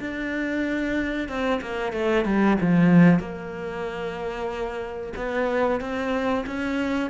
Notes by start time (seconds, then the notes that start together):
0.00 D4
1.29 C4
1.62 A#3
1.93 A3
2.26 G3
2.61 F3
3.20 A#3
5.16 B3
5.81 C4
6.47 C#4